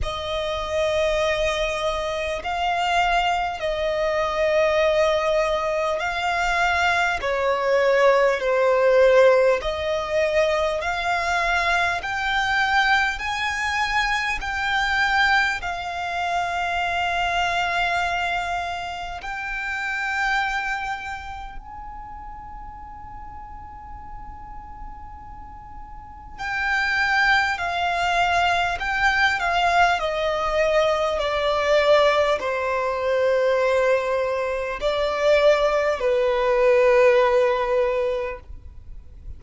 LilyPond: \new Staff \with { instrumentName = "violin" } { \time 4/4 \tempo 4 = 50 dis''2 f''4 dis''4~ | dis''4 f''4 cis''4 c''4 | dis''4 f''4 g''4 gis''4 | g''4 f''2. |
g''2 gis''2~ | gis''2 g''4 f''4 | g''8 f''8 dis''4 d''4 c''4~ | c''4 d''4 b'2 | }